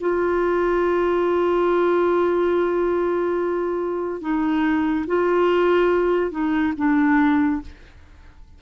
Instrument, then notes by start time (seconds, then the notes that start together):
clarinet
0.00 F4
4.21 D#4
5.07 F4
6.31 D#4
6.77 D4